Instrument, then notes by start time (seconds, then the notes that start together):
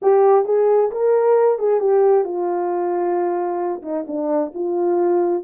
horn
0.02 G4
0.45 G#4
0.91 A#4
1.59 G#4
1.80 G4
2.24 F4
3.82 D#4
4.07 D4
4.54 F4